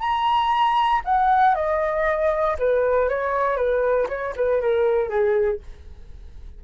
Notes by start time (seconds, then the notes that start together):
0.00 A#5
1.05 F#5
1.55 D#5
2.59 B4
3.09 C#5
3.56 B4
4.09 C#5
4.36 B4
4.61 A#4
5.09 G#4